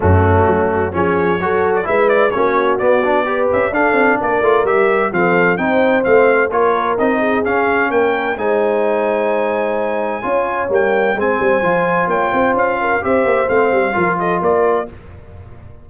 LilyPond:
<<
  \new Staff \with { instrumentName = "trumpet" } { \time 4/4 \tempo 4 = 129 fis'2 cis''4.~ cis''16 d''16 | e''8 d''8 cis''4 d''4. e''8 | f''4 d''4 e''4 f''4 | g''4 f''4 cis''4 dis''4 |
f''4 g''4 gis''2~ | gis''2. g''4 | gis''2 g''4 f''4 | e''4 f''4. dis''8 d''4 | }
  \new Staff \with { instrumentName = "horn" } { \time 4/4 cis'2 gis'4 a'4 | b'4 fis'2 b'4 | a'4 ais'2 a'4 | c''2 ais'4. gis'8~ |
gis'4 ais'4 c''2~ | c''2 cis''2 | c''2 cis''8 c''4 ais'8 | c''2 ais'8 a'8 ais'4 | }
  \new Staff \with { instrumentName = "trombone" } { \time 4/4 a2 cis'4 fis'4 | e'4 cis'4 b8 d'8 g'4 | d'4. f'8 g'4 c'4 | dis'4 c'4 f'4 dis'4 |
cis'2 dis'2~ | dis'2 f'4 ais4 | c'4 f'2. | g'4 c'4 f'2 | }
  \new Staff \with { instrumentName = "tuba" } { \time 4/4 fis,4 fis4 f4 fis4 | gis4 ais4 b4. cis'8 | d'8 c'8 ais8 a8 g4 f4 | c'4 a4 ais4 c'4 |
cis'4 ais4 gis2~ | gis2 cis'4 g4 | gis8 g8 f4 ais8 c'8 cis'4 | c'8 ais8 a8 g8 f4 ais4 | }
>>